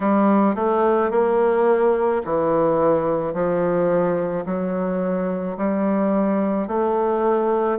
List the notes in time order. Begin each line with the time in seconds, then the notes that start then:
0.00 G3
0.55 A3
1.11 A#3
2.25 E3
3.33 F3
4.45 F#3
5.57 G3
6.67 A3